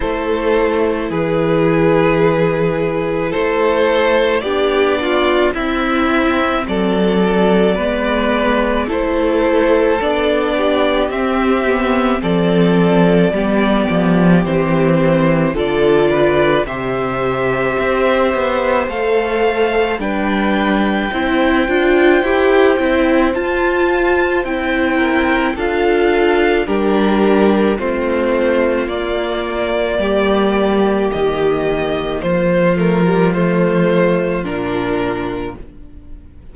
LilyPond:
<<
  \new Staff \with { instrumentName = "violin" } { \time 4/4 \tempo 4 = 54 c''4 b'2 c''4 | d''4 e''4 d''2 | c''4 d''4 e''4 d''4~ | d''4 c''4 d''4 e''4~ |
e''4 f''4 g''2~ | g''4 a''4 g''4 f''4 | ais'4 c''4 d''2 | dis''4 c''8 ais'8 c''4 ais'4 | }
  \new Staff \with { instrumentName = "violin" } { \time 4/4 a'4 gis'2 a'4 | g'8 f'8 e'4 a'4 b'4 | a'4. g'4. a'4 | g'2 a'8 b'8 c''4~ |
c''2 b'4 c''4~ | c''2~ c''8 ais'8 a'4 | g'4 f'2 g'4~ | g'4 f'2. | }
  \new Staff \with { instrumentName = "viola" } { \time 4/4 e'1 | d'4 c'2 b4 | e'4 d'4 c'8 b8 c'4 | b4 c'4 f'4 g'4~ |
g'4 a'4 d'4 e'8 f'8 | g'8 e'8 f'4 e'4 f'4 | d'4 c'4 ais2~ | ais4. a16 g16 a4 d'4 | }
  \new Staff \with { instrumentName = "cello" } { \time 4/4 a4 e2 a4 | b4 c'4 fis4 gis4 | a4 b4 c'4 f4 | g8 f8 e4 d4 c4 |
c'8 b8 a4 g4 c'8 d'8 | e'8 c'8 f'4 c'4 d'4 | g4 a4 ais4 g4 | dis4 f2 ais,4 | }
>>